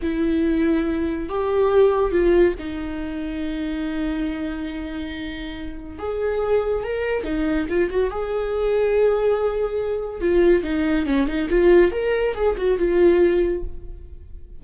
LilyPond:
\new Staff \with { instrumentName = "viola" } { \time 4/4 \tempo 4 = 141 e'2. g'4~ | g'4 f'4 dis'2~ | dis'1~ | dis'2 gis'2 |
ais'4 dis'4 f'8 fis'8 gis'4~ | gis'1 | f'4 dis'4 cis'8 dis'8 f'4 | ais'4 gis'8 fis'8 f'2 | }